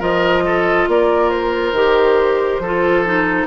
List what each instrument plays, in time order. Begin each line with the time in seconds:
0.00 bassoon F3, clarinet F4, oboe A#4, flute D#5
0.46 oboe A4
0.88 bassoon A#3, oboe A#4, flute D5
1.31 flute C5
1.73 bassoon D#3, clarinet G4
2.60 bassoon F3, clarinet F4, oboe A4
3.06 clarinet D#4